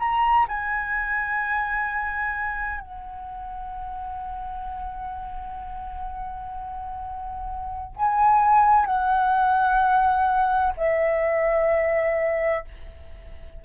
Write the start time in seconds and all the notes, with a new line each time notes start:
0.00 A#5
0.49 G#5
2.80 F#5
7.97 G#5
8.86 F#5
10.78 E5